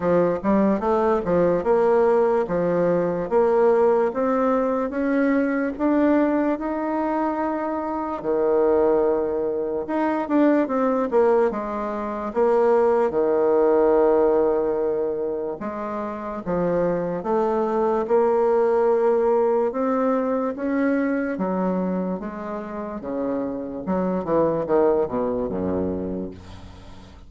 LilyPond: \new Staff \with { instrumentName = "bassoon" } { \time 4/4 \tempo 4 = 73 f8 g8 a8 f8 ais4 f4 | ais4 c'4 cis'4 d'4 | dis'2 dis2 | dis'8 d'8 c'8 ais8 gis4 ais4 |
dis2. gis4 | f4 a4 ais2 | c'4 cis'4 fis4 gis4 | cis4 fis8 e8 dis8 b,8 fis,4 | }